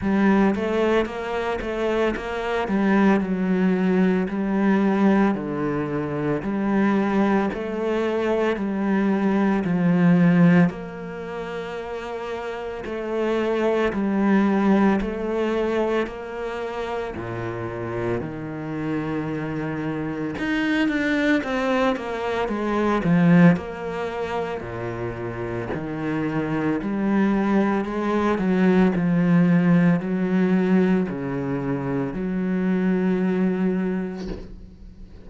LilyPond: \new Staff \with { instrumentName = "cello" } { \time 4/4 \tempo 4 = 56 g8 a8 ais8 a8 ais8 g8 fis4 | g4 d4 g4 a4 | g4 f4 ais2 | a4 g4 a4 ais4 |
ais,4 dis2 dis'8 d'8 | c'8 ais8 gis8 f8 ais4 ais,4 | dis4 g4 gis8 fis8 f4 | fis4 cis4 fis2 | }